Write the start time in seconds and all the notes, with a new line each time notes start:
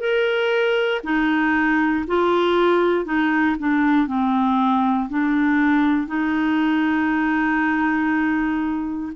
0.00 A#4
1.04 D#4
2.08 F4
3.06 D#4
3.60 D4
4.08 C4
5.10 D4
6.08 D#4